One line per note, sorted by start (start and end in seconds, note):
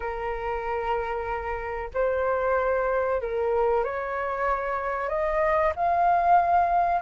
0.00 1.90 A#4
1.94 3.21 C5
3.21 3.84 A#4
3.84 5.08 C#5
5.08 5.72 D#5
5.75 7.01 F5